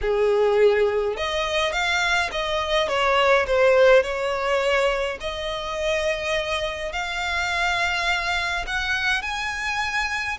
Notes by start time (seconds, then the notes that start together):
0.01 G#4
1.16 D#5
1.72 F5
2.31 D#5
2.88 C#5
3.46 C5
4.02 C#5
5.20 D#5
6.92 F5
8.66 F#5
9.22 G#5